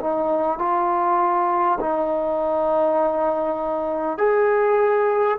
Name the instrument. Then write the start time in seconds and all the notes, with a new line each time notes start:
trombone
0.00 D#4
0.59 F4
1.81 D#4
4.18 G#4